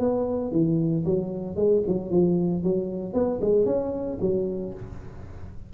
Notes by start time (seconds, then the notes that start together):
0.00 B3
0.52 E3
1.06 F#3
1.56 G#3
1.88 F#3
2.11 F3
2.64 F#3
3.14 B3
3.41 G#3
3.66 C#4
4.21 F#3